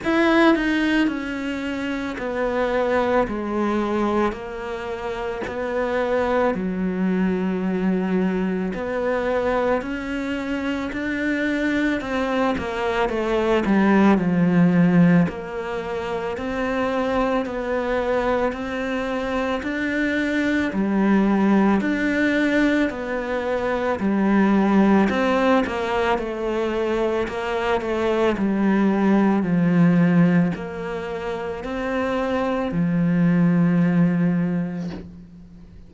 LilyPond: \new Staff \with { instrumentName = "cello" } { \time 4/4 \tempo 4 = 55 e'8 dis'8 cis'4 b4 gis4 | ais4 b4 fis2 | b4 cis'4 d'4 c'8 ais8 | a8 g8 f4 ais4 c'4 |
b4 c'4 d'4 g4 | d'4 b4 g4 c'8 ais8 | a4 ais8 a8 g4 f4 | ais4 c'4 f2 | }